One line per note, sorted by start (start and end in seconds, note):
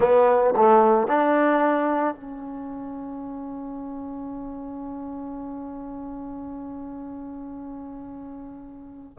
0.00 0.54 B3
0.56 1.07 A3
1.07 2.14 D4
2.14 9.17 C#4